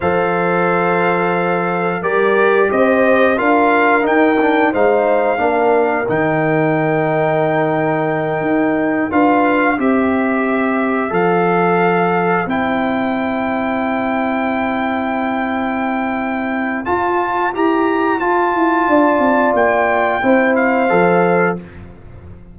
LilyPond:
<<
  \new Staff \with { instrumentName = "trumpet" } { \time 4/4 \tempo 4 = 89 f''2. d''4 | dis''4 f''4 g''4 f''4~ | f''4 g''2.~ | g''4. f''4 e''4.~ |
e''8 f''2 g''4.~ | g''1~ | g''4 a''4 ais''4 a''4~ | a''4 g''4. f''4. | }
  \new Staff \with { instrumentName = "horn" } { \time 4/4 c''2. ais'4 | c''4 ais'2 c''4 | ais'1~ | ais'4. b'4 c''4.~ |
c''1~ | c''1~ | c''1 | d''2 c''2 | }
  \new Staff \with { instrumentName = "trombone" } { \time 4/4 a'2. g'4~ | g'4 f'4 dis'8 d'8 dis'4 | d'4 dis'2.~ | dis'4. f'4 g'4.~ |
g'8 a'2 e'4.~ | e'1~ | e'4 f'4 g'4 f'4~ | f'2 e'4 a'4 | }
  \new Staff \with { instrumentName = "tuba" } { \time 4/4 f2. g4 | c'4 d'4 dis'4 gis4 | ais4 dis2.~ | dis8 dis'4 d'4 c'4.~ |
c'8 f2 c'4.~ | c'1~ | c'4 f'4 e'4 f'8 e'8 | d'8 c'8 ais4 c'4 f4 | }
>>